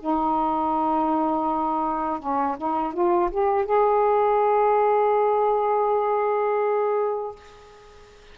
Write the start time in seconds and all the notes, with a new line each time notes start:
0.00 D#4
2.20 C#4
2.57 D#4
2.93 F4
3.31 G4
3.65 G#4